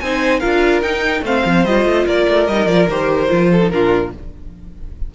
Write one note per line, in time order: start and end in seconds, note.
0.00 0.42 C4
0.00 0.42 D#4
0.00 0.40 C5
0.00 0.40 G#5
0.40 0.82 D4
0.40 0.83 F4
0.40 1.22 A#4
0.40 0.81 F5
0.82 1.22 D#4
0.82 1.24 D#4
0.82 1.23 G5
1.22 1.42 A3
1.22 1.66 C4
1.22 2.06 C5
1.22 1.65 F5
1.46 1.65 F3
1.65 1.85 G3
1.65 2.50 F4
1.65 2.07 D#5
1.85 2.06 A3
2.06 2.27 A#3
2.06 3.49 A#4
2.06 2.47 D5
2.28 2.48 A3
2.47 2.66 G3
2.47 2.67 D#4
2.47 2.67 D#5
2.66 2.87 F3
2.66 2.88 F4
2.66 2.88 D5
2.88 3.29 D#3
2.88 3.28 G4
2.88 3.69 C5
3.28 3.72 F3
3.28 3.59 F4
3.52 3.72 A4
3.62 3.71 D#4
3.69 4.13 A#2
3.69 4.12 D4
3.69 4.15 F4
3.69 4.10 A#4